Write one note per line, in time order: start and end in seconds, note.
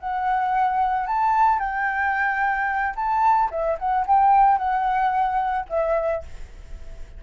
0.00 1.07 F#5
1.07 1.60 A5
1.60 2.95 G5
2.96 3.50 A5
3.51 3.78 E5
3.79 4.06 F#5
4.07 4.58 G5
4.58 5.66 F#5
5.70 6.24 E5